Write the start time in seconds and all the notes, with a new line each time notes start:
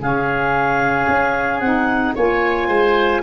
0.00 C#3 C#4 G#4 F5
1.08 C#4
1.59 C4 D#4 F#5
2.15 A#3 F4 C#5 G#5
2.68 G#3 C5